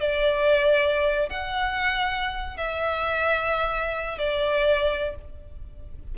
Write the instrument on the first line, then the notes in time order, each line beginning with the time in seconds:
violin
0.00 D5
1.29 F#5
2.57 E5
4.18 D5